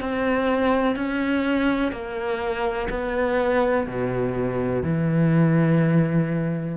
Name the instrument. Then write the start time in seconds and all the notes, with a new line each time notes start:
cello
0.00 C4
0.96 C#4
1.92 A#3
2.90 B3
3.87 B2
4.83 E3